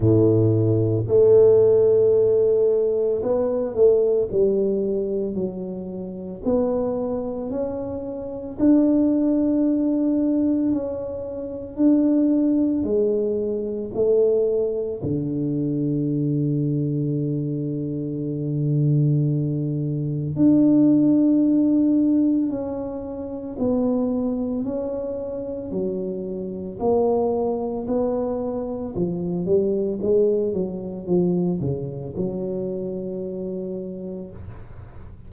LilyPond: \new Staff \with { instrumentName = "tuba" } { \time 4/4 \tempo 4 = 56 a,4 a2 b8 a8 | g4 fis4 b4 cis'4 | d'2 cis'4 d'4 | gis4 a4 d2~ |
d2. d'4~ | d'4 cis'4 b4 cis'4 | fis4 ais4 b4 f8 g8 | gis8 fis8 f8 cis8 fis2 | }